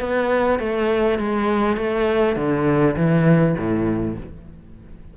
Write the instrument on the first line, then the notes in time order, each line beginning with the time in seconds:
cello
0.00 B3
0.59 A3
1.19 G#3
1.77 A3
2.36 D3
2.96 E3
3.58 A2